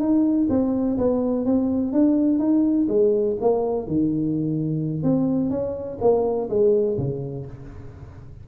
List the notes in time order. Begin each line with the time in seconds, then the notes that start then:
0.00 D#4
0.50 C4
0.98 B3
1.46 C4
1.93 D4
2.39 D#4
2.89 G#3
3.41 A#3
3.87 D#3
5.03 C4
5.50 C#4
6.01 A#3
6.49 G#3
6.98 C#3